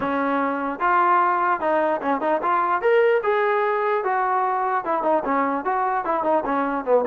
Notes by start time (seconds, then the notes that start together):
0.00 C#4
0.79 F4
1.60 D#4
2.01 C#4
2.21 D#4
2.42 F4
2.81 A#4
3.23 G#4
4.04 F#4
4.84 E4
5.02 D#4
5.24 C#4
5.64 F#4
6.05 E4
6.23 D#4
6.45 C#4
6.84 B3